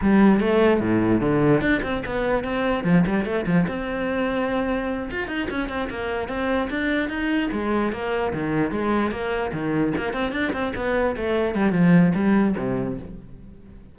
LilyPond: \new Staff \with { instrumentName = "cello" } { \time 4/4 \tempo 4 = 148 g4 a4 a,4 d4 | d'8 c'8 b4 c'4 f8 g8 | a8 f8 c'2.~ | c'8 f'8 dis'8 cis'8 c'8 ais4 c'8~ |
c'8 d'4 dis'4 gis4 ais8~ | ais8 dis4 gis4 ais4 dis8~ | dis8 ais8 c'8 d'8 c'8 b4 a8~ | a8 g8 f4 g4 c4 | }